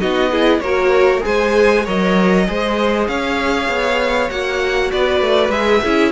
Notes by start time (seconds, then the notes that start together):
0.00 B3 D#4 F#4 D#5
0.31 E4 G#4
0.60 A#3 F#4 A#4 C#5
1.21 G#3 G#4 C5 G#5
1.84 F#3 A#4 C#5 D#5
2.46 G#3 G#4 C5
3.07 C#4 C#5 F5
3.68 B3
4.30 A#3 F#4 F#5
4.91 B3 B4 D5
5.21 A3
5.49 G#3 G#4 E5
5.83 C#4 E4 G#4